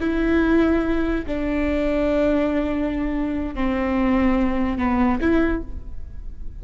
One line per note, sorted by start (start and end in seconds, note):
0.00 1.25 E4
1.26 3.55 D4
3.55 4.78 C4
4.78 5.20 B3
5.21 5.63 E4